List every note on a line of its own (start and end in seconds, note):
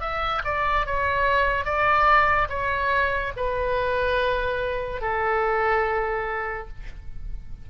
0.00 0.42 E5
0.44 0.86 D5
0.86 1.64 C#5
1.64 2.48 D5
2.49 3.32 C#5
3.36 5.01 B4
5.01 6.67 A4